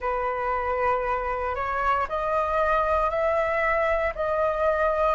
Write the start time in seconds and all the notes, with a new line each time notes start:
0.00 B4
1.55 C#5
2.08 D#5
3.09 E5
4.15 D#5